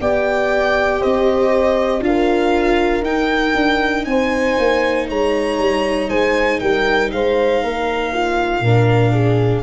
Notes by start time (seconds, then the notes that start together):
0.00 B3 G4 D5 G5
1.00 C4 C5 D#5
2.00 D4 F4 A#4 F5
3.01 D#4 G5
3.55 D4
4.05 C4 C5 G#5
4.58 A#3
5.08 G#3 C#5 A#5
5.58 G3
6.09 G#3 C5 G#5
6.60 G3 A#4 G5
7.11 G#3 C5 F5
7.63 A#3 A#4
8.13 F4
8.60 A#2 D4 A#4
9.13 G#4